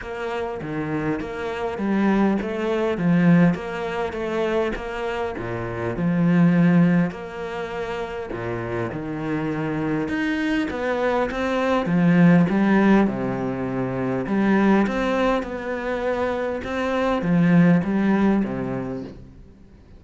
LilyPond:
\new Staff \with { instrumentName = "cello" } { \time 4/4 \tempo 4 = 101 ais4 dis4 ais4 g4 | a4 f4 ais4 a4 | ais4 ais,4 f2 | ais2 ais,4 dis4~ |
dis4 dis'4 b4 c'4 | f4 g4 c2 | g4 c'4 b2 | c'4 f4 g4 c4 | }